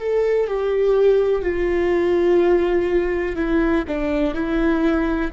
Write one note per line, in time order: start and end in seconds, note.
0.00 0.48 A4
0.48 1.43 G4
1.43 3.36 F4
3.36 3.84 E4
3.88 4.35 D4
4.35 5.31 E4